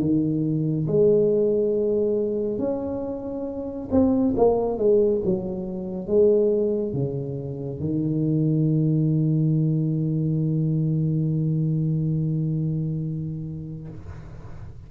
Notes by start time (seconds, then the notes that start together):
0.00 D#3
0.87 G#3
2.59 C#4
3.91 C4
4.37 A#3
4.78 G#3
5.25 F#3
6.08 G#3
6.94 C#3
7.80 D#3